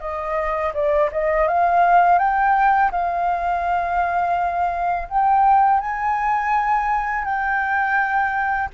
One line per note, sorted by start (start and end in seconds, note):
0.00 0.72 D#5
0.73 1.09 D5
1.11 1.48 D#5
1.48 2.19 F5
2.19 2.91 G5
2.91 5.08 F5
5.08 5.80 G5
5.80 7.25 G#5
7.25 8.69 G5